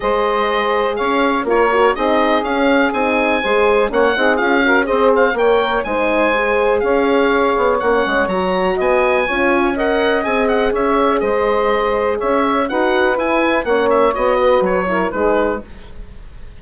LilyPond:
<<
  \new Staff \with { instrumentName = "oboe" } { \time 4/4 \tempo 4 = 123 dis''2 f''4 cis''4 | dis''4 f''4 gis''2 | fis''4 f''4 dis''8 f''8 g''4 | gis''2 f''2 |
fis''4 ais''4 gis''2 | fis''4 gis''8 fis''8 e''4 dis''4~ | dis''4 e''4 fis''4 gis''4 | fis''8 e''8 dis''4 cis''4 b'4 | }
  \new Staff \with { instrumentName = "saxophone" } { \time 4/4 c''2 cis''4 ais'4 | gis'2. c''4 | cis''8 gis'4 ais'8 c''4 cis''4 | c''2 cis''2~ |
cis''2 dis''4 cis''4 | dis''2 cis''4 c''4~ | c''4 cis''4 b'2 | cis''4. b'4 ais'8 gis'4 | }
  \new Staff \with { instrumentName = "horn" } { \time 4/4 gis'2. f'8 fis'8 | dis'4 cis'4 dis'4 gis'4 | cis'8 dis'8 f'8 fis'8 gis'4 ais'4 | dis'4 gis'2. |
cis'4 fis'2 f'4 | ais'4 gis'2.~ | gis'2 fis'4 e'4 | cis'4 fis'4. e'8 dis'4 | }
  \new Staff \with { instrumentName = "bassoon" } { \time 4/4 gis2 cis'4 ais4 | c'4 cis'4 c'4 gis4 | ais8 c'8 cis'4 c'4 ais4 | gis2 cis'4. b8 |
ais8 gis8 fis4 b4 cis'4~ | cis'4 c'4 cis'4 gis4~ | gis4 cis'4 dis'4 e'4 | ais4 b4 fis4 gis4 | }
>>